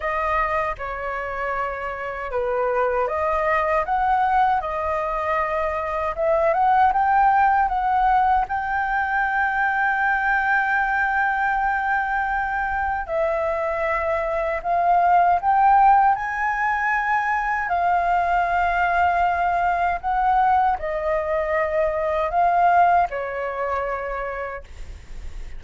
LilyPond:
\new Staff \with { instrumentName = "flute" } { \time 4/4 \tempo 4 = 78 dis''4 cis''2 b'4 | dis''4 fis''4 dis''2 | e''8 fis''8 g''4 fis''4 g''4~ | g''1~ |
g''4 e''2 f''4 | g''4 gis''2 f''4~ | f''2 fis''4 dis''4~ | dis''4 f''4 cis''2 | }